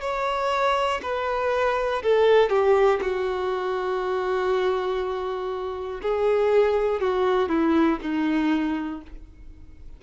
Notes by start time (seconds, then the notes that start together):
0.00 C#5
1.02 B4
2.03 A4
2.49 G4
3.01 F#4
6.02 G#4
7.00 F#4
7.49 E4
8.01 D#4